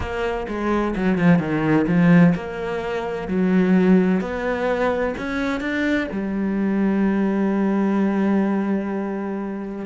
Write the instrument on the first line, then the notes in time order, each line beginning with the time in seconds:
cello
0.00 A#3
0.48 G#3
0.95 F#3
1.17 F3
1.38 D#3
1.87 F3
2.34 A#3
3.27 F#3
4.20 B3
5.17 C#4
5.60 D4
6.11 G3